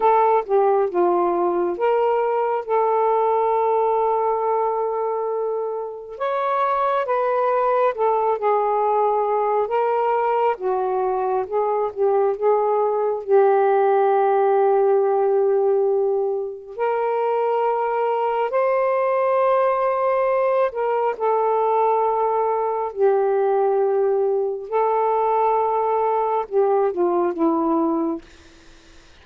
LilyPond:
\new Staff \with { instrumentName = "saxophone" } { \time 4/4 \tempo 4 = 68 a'8 g'8 f'4 ais'4 a'4~ | a'2. cis''4 | b'4 a'8 gis'4. ais'4 | fis'4 gis'8 g'8 gis'4 g'4~ |
g'2. ais'4~ | ais'4 c''2~ c''8 ais'8 | a'2 g'2 | a'2 g'8 f'8 e'4 | }